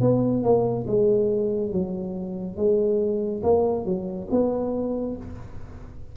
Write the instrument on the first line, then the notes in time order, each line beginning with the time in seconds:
tuba
0.00 B3
0.43 A#3
0.86 G#3
1.72 F#3
2.56 G#3
3.43 A#3
3.85 F#3
4.31 B3